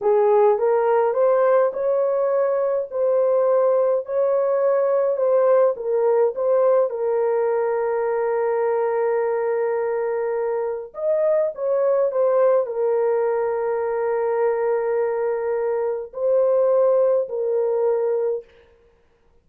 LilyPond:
\new Staff \with { instrumentName = "horn" } { \time 4/4 \tempo 4 = 104 gis'4 ais'4 c''4 cis''4~ | cis''4 c''2 cis''4~ | cis''4 c''4 ais'4 c''4 | ais'1~ |
ais'2. dis''4 | cis''4 c''4 ais'2~ | ais'1 | c''2 ais'2 | }